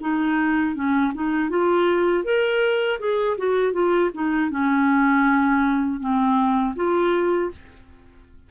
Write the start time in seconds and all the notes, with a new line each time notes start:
0.00 D#4
0.75 C#4
1.14 D#4
1.49 F4
2.24 A#4
2.99 G#4
3.37 F#4
3.72 F4
4.14 D#4
4.50 C#4
6.00 C4
6.75 F4